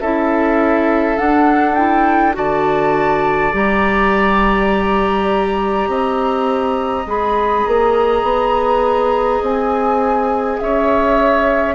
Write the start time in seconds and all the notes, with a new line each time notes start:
0.00 C#4 E4 A4 E5
1.17 D4 F#5
1.74 E4 G5
2.33 D3 F#4 D5 A5
3.52 G3 G4 A#5
5.87 C4 D#5
7.05 G#3 G#4 B5
7.66 A#3 A#5
8.23 B3
9.41 C4 G#5
10.59 C#4 C#5 E5